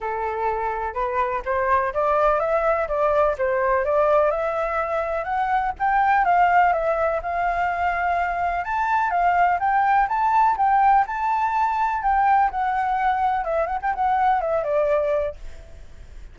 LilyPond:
\new Staff \with { instrumentName = "flute" } { \time 4/4 \tempo 4 = 125 a'2 b'4 c''4 | d''4 e''4 d''4 c''4 | d''4 e''2 fis''4 | g''4 f''4 e''4 f''4~ |
f''2 a''4 f''4 | g''4 a''4 g''4 a''4~ | a''4 g''4 fis''2 | e''8 fis''16 g''16 fis''4 e''8 d''4. | }